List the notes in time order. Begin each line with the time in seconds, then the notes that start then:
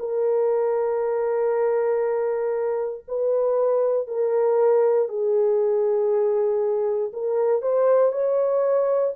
0.00 A#4
3.08 B4
4.08 A#4
5.09 G#4
7.13 A#4
7.62 C5
8.13 C#5